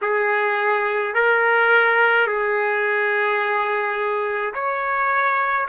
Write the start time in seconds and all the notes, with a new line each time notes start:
0.01 G#4
1.14 A#4
2.26 G#4
4.54 C#5